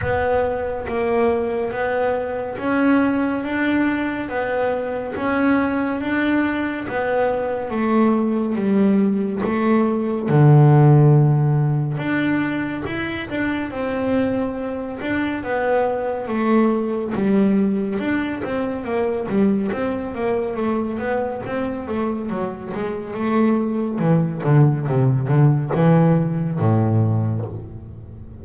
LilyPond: \new Staff \with { instrumentName = "double bass" } { \time 4/4 \tempo 4 = 70 b4 ais4 b4 cis'4 | d'4 b4 cis'4 d'4 | b4 a4 g4 a4 | d2 d'4 e'8 d'8 |
c'4. d'8 b4 a4 | g4 d'8 c'8 ais8 g8 c'8 ais8 | a8 b8 c'8 a8 fis8 gis8 a4 | e8 d8 c8 d8 e4 a,4 | }